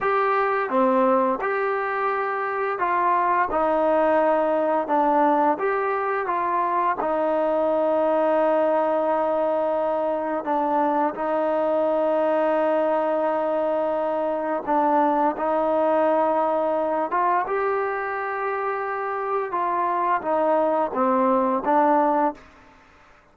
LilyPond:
\new Staff \with { instrumentName = "trombone" } { \time 4/4 \tempo 4 = 86 g'4 c'4 g'2 | f'4 dis'2 d'4 | g'4 f'4 dis'2~ | dis'2. d'4 |
dis'1~ | dis'4 d'4 dis'2~ | dis'8 f'8 g'2. | f'4 dis'4 c'4 d'4 | }